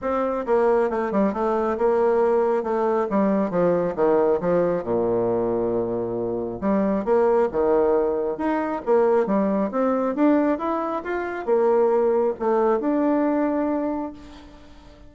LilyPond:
\new Staff \with { instrumentName = "bassoon" } { \time 4/4 \tempo 4 = 136 c'4 ais4 a8 g8 a4 | ais2 a4 g4 | f4 dis4 f4 ais,4~ | ais,2. g4 |
ais4 dis2 dis'4 | ais4 g4 c'4 d'4 | e'4 f'4 ais2 | a4 d'2. | }